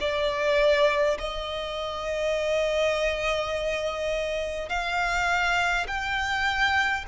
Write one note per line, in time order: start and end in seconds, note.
0.00 1.18 D5
1.19 4.69 D#5
4.69 5.87 F5
5.87 7.05 G5